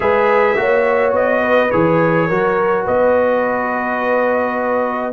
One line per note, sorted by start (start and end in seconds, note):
0.00 0.55 G#3
0.00 0.55 G#4
0.00 0.58 B4
0.00 1.12 E5
0.55 1.12 A#3
0.55 1.70 F#4
0.55 1.42 C#5
1.12 1.70 B3
1.12 1.70 D#5
1.42 2.27 B4
1.70 2.30 E3
1.70 2.29 G#4
1.70 2.85 C#5
2.27 2.87 F#3
2.27 5.12 F#4
2.27 2.83 A#4
2.83 5.12 B3
2.83 5.12 B4
2.83 5.12 D#5